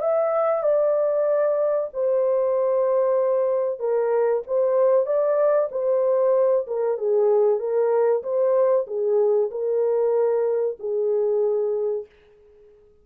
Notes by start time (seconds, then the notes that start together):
0.00 E5
0.62 D5
1.93 C5
3.79 A#4
4.47 C5
5.06 D5
5.71 C5
6.67 A#4
6.97 G#4
7.59 A#4
8.23 C5
8.87 G#4
9.51 A#4
10.79 G#4